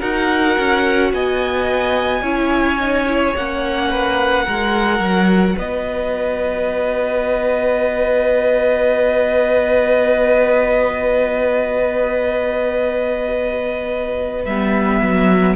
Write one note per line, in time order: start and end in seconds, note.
0.00 0.58 D#4
0.00 2.23 F#4
0.00 1.11 A#4
0.00 1.13 F#5
0.59 1.14 C#4
1.14 2.22 B3
1.14 2.22 D#5
1.14 3.37 G#5
2.22 3.34 C#4
2.22 2.80 E4
2.22 3.89 C#5
2.80 3.07 D#4
3.07 3.35 E4
3.37 4.48 A#3
3.37 4.46 C#4
3.37 5.59 F#5
3.90 4.45 B4
4.45 5.00 G#3
4.45 14.46 F#4
4.45 5.56 A#4
5.00 5.56 F#3
5.57 14.46 B3
5.57 15.56 B4
5.57 14.46 D#5
14.46 15.02 G3
14.46 15.56 B3
14.46 15.56 E5
15.02 15.56 F#3